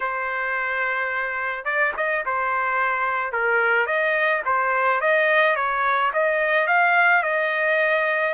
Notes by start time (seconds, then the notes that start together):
0.00 C5
1.64 D5
1.96 D#5
2.25 C5
3.32 A#4
3.86 D#5
4.45 C5
5.00 D#5
5.56 C#5
6.13 D#5
6.67 F5
7.22 D#5